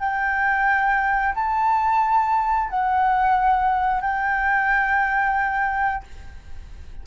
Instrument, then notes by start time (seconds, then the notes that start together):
flute
0.00 G5
1.35 A5
2.70 F#5
4.02 G5